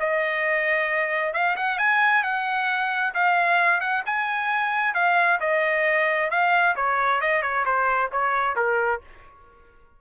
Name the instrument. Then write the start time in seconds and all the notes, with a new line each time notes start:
trumpet
0.00 D#5
1.33 F5
1.56 F#5
1.78 G#5
2.24 F#5
3.14 F5
3.80 F#5
4.06 G#5
4.94 F5
5.40 D#5
6.30 F5
6.76 C#5
7.21 D#5
7.42 C#5
7.65 C5
8.12 C#5
8.56 A#4